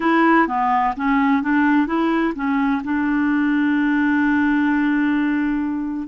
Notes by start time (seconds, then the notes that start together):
0.00 E4
0.47 B3
0.96 C#4
1.42 D4
1.86 E4
2.35 C#4
2.84 D4